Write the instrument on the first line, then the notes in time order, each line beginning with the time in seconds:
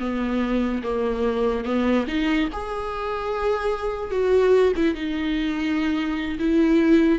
viola
0.00 B3
0.83 A#3
1.65 B3
2.08 D#4
2.53 G#4
4.11 F#4
4.76 E4
4.95 D#4
6.39 E4